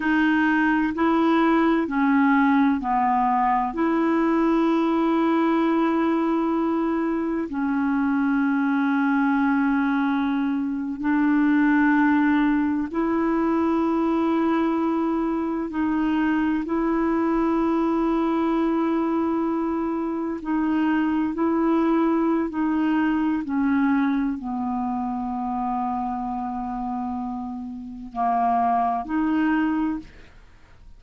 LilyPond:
\new Staff \with { instrumentName = "clarinet" } { \time 4/4 \tempo 4 = 64 dis'4 e'4 cis'4 b4 | e'1 | cis'2.~ cis'8. d'16~ | d'4.~ d'16 e'2~ e'16~ |
e'8. dis'4 e'2~ e'16~ | e'4.~ e'16 dis'4 e'4~ e'16 | dis'4 cis'4 b2~ | b2 ais4 dis'4 | }